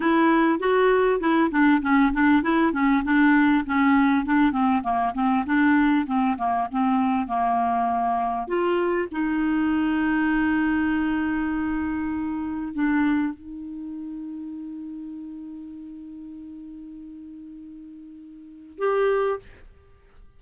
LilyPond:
\new Staff \with { instrumentName = "clarinet" } { \time 4/4 \tempo 4 = 99 e'4 fis'4 e'8 d'8 cis'8 d'8 | e'8 cis'8 d'4 cis'4 d'8 c'8 | ais8 c'8 d'4 c'8 ais8 c'4 | ais2 f'4 dis'4~ |
dis'1~ | dis'4 d'4 dis'2~ | dis'1~ | dis'2. g'4 | }